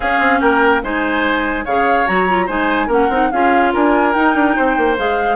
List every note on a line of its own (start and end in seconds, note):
0.00 0.19 C#4
0.00 0.82 C#4
0.00 0.39 G#4
0.00 0.40 F5
0.19 0.40 C4
0.40 0.82 A#3
0.40 0.82 A#4
0.40 0.82 G5
0.82 1.66 G#3
0.82 1.65 D#4
0.82 1.65 C5
0.82 1.65 G#5
1.65 2.07 C#3
1.65 2.07 G#4
1.65 2.46 C#5
1.65 2.07 F5
2.07 2.49 F#3
2.07 2.27 F#4
2.07 2.48 A#5
2.28 2.47 F4
2.46 2.87 G#3
2.46 2.89 D#4
2.46 2.87 C5
2.46 2.90 G#5
2.87 3.08 A#3
2.87 3.09 C#4
2.87 3.28 A#4
2.87 3.31 F#5
3.09 3.29 C4
3.09 3.32 D#4
3.31 3.74 C#4
3.31 4.14 F4
3.31 3.73 G#4
3.31 3.72 F5
3.73 4.15 D4
3.73 4.55 A#4
3.73 4.12 G#5
4.12 4.96 D#4
4.12 4.34 D#4
4.12 4.95 G5
4.34 4.55 D4
4.56 4.77 C4
4.56 5.36 C5
4.77 4.98 A#3
4.97 5.36 G#3
4.97 5.36 G#4
4.97 5.36 F5